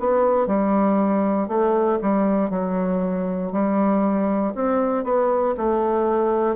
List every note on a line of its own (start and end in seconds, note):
0.00 0.48 B3
0.48 1.48 G3
1.48 1.99 A3
2.02 2.51 G3
2.51 3.52 F#3
3.53 4.54 G3
4.55 5.05 C4
5.05 5.56 B3
5.58 6.56 A3